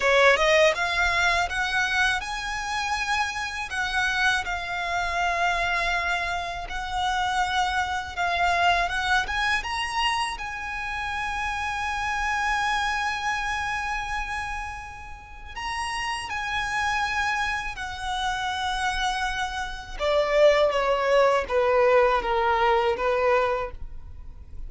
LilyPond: \new Staff \with { instrumentName = "violin" } { \time 4/4 \tempo 4 = 81 cis''8 dis''8 f''4 fis''4 gis''4~ | gis''4 fis''4 f''2~ | f''4 fis''2 f''4 | fis''8 gis''8 ais''4 gis''2~ |
gis''1~ | gis''4 ais''4 gis''2 | fis''2. d''4 | cis''4 b'4 ais'4 b'4 | }